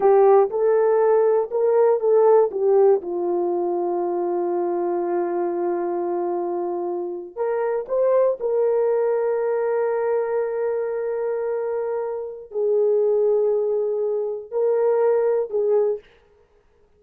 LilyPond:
\new Staff \with { instrumentName = "horn" } { \time 4/4 \tempo 4 = 120 g'4 a'2 ais'4 | a'4 g'4 f'2~ | f'1~ | f'2~ f'8. ais'4 c''16~ |
c''8. ais'2.~ ais'16~ | ais'1~ | ais'4 gis'2.~ | gis'4 ais'2 gis'4 | }